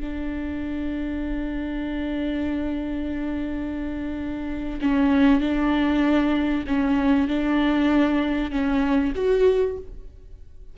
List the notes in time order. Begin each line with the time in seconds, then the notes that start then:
0.00 D4
4.81 C#4
5.40 D4
6.67 C#4
7.28 D4
8.51 C#4
9.15 F#4